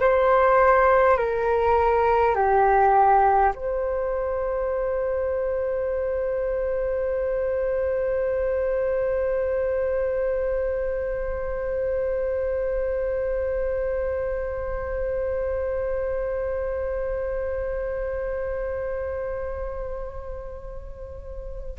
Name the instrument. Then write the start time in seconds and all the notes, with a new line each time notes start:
flute
0.00 C5
1.17 A#4
2.35 G4
3.55 C5